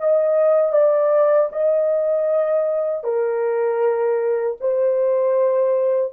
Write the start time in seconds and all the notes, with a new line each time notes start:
0.00 D#5
0.73 D5
1.52 D#5
3.04 A#4
4.61 C5